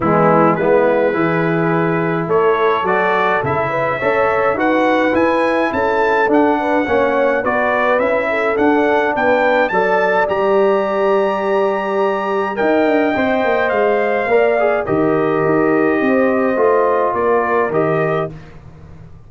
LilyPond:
<<
  \new Staff \with { instrumentName = "trumpet" } { \time 4/4 \tempo 4 = 105 e'4 b'2. | cis''4 d''4 e''2 | fis''4 gis''4 a''4 fis''4~ | fis''4 d''4 e''4 fis''4 |
g''4 a''4 ais''2~ | ais''2 g''2 | f''2 dis''2~ | dis''2 d''4 dis''4 | }
  \new Staff \with { instrumentName = "horn" } { \time 4/4 b4 e'4 gis'2 | a'2~ a'8 b'8 cis''4 | b'2 a'4. b'8 | cis''4 b'4. a'4. |
b'4 d''2.~ | d''2 dis''2~ | dis''4 d''4 ais'2 | c''2 ais'2 | }
  \new Staff \with { instrumentName = "trombone" } { \time 4/4 gis4 b4 e'2~ | e'4 fis'4 e'4 a'4 | fis'4 e'2 d'4 | cis'4 fis'4 e'4 d'4~ |
d'4 a'4 g'2~ | g'2 ais'4 c''4~ | c''4 ais'8 gis'8 g'2~ | g'4 f'2 g'4 | }
  \new Staff \with { instrumentName = "tuba" } { \time 4/4 e4 gis4 e2 | a4 fis4 cis4 cis'4 | dis'4 e'4 cis'4 d'4 | ais4 b4 cis'4 d'4 |
b4 fis4 g2~ | g2 dis'8 d'8 c'8 ais8 | gis4 ais4 dis4 dis'4 | c'4 a4 ais4 dis4 | }
>>